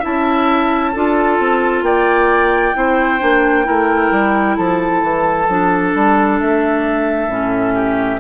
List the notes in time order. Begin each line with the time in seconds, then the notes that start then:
0.00 E4 E5 A5
0.06 C#4
0.93 D4 F4 A4
1.40 C4
1.82 A#3 D5 G5
2.74 C4 E4 C5
3.19 A#3 D4
3.65 A3 E4 A#4
4.12 G3
4.57 F3 A4 A5
5.03 E3
5.48 F3 D4
5.95 G3
6.40 A3 E5
7.28 A2 C#4
7.75 G4